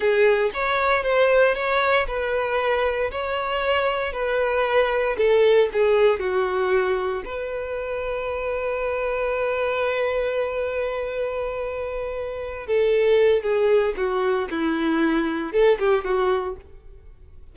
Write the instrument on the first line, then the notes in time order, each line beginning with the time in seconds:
violin
0.00 G#4
0.53 C#5
1.03 C5
1.54 C#5
2.07 B4
3.11 C#5
4.12 B4
5.17 A4
5.72 G#4
6.19 F#4
7.24 B4
12.67 A4
13.42 G#4
13.97 F#4
14.50 E4
15.52 A4
15.79 G4
16.04 F#4